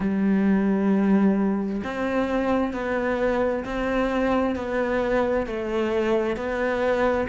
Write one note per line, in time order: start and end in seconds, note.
0.00 1.82 G3
1.84 2.73 C4
2.73 3.64 B3
3.64 4.55 C4
4.55 5.46 B3
5.46 6.36 A3
6.36 7.27 B3